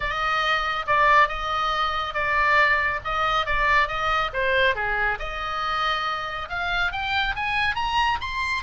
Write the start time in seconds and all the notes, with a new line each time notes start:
0.00 D#5
0.86 D5
1.28 D#5
2.13 D5
3.04 D#5
3.46 D5
3.87 D#5
4.33 C5
4.75 G#4
5.19 D#5
6.49 F5
6.92 G5
7.35 G#5
7.75 A#5
8.21 C6